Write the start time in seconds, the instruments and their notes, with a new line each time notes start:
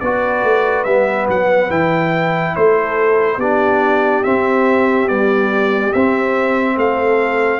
0.00 tuba B3, trombone F#4, horn B4, trumpet D5
0.43 tuba A3
0.84 tuba G3, trombone B3, trumpet E5
1.29 tuba F#3, trumpet F#5
1.70 tuba E3, trombone E4, trumpet G5
2.56 tuba A3, horn A4, trumpet C5
3.37 tuba B3, trombone D4, horn G4, trumpet D5
4.24 trombone C4, tuba C4, trumpet E5
5.08 trombone G3, tuba B3, trumpet D5
5.93 tuba C4, trombone C4, trumpet E5
6.76 tuba A3, horn A4, trumpet F5